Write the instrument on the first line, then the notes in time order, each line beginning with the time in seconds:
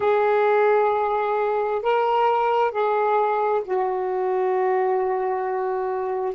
saxophone
0.00 G#4
1.82 A#4
2.71 G#4
3.64 F#4